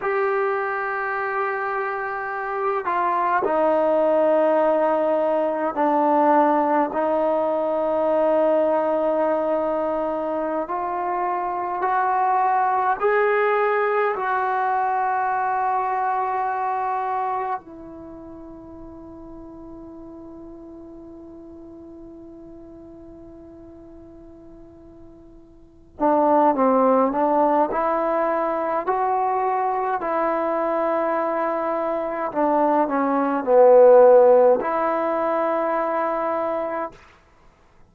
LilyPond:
\new Staff \with { instrumentName = "trombone" } { \time 4/4 \tempo 4 = 52 g'2~ g'8 f'8 dis'4~ | dis'4 d'4 dis'2~ | dis'4~ dis'16 f'4 fis'4 gis'8.~ | gis'16 fis'2. e'8.~ |
e'1~ | e'2~ e'8 d'8 c'8 d'8 | e'4 fis'4 e'2 | d'8 cis'8 b4 e'2 | }